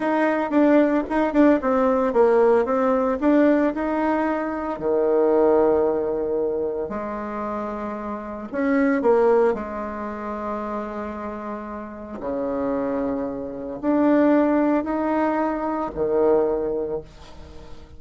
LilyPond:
\new Staff \with { instrumentName = "bassoon" } { \time 4/4 \tempo 4 = 113 dis'4 d'4 dis'8 d'8 c'4 | ais4 c'4 d'4 dis'4~ | dis'4 dis2.~ | dis4 gis2. |
cis'4 ais4 gis2~ | gis2. cis4~ | cis2 d'2 | dis'2 dis2 | }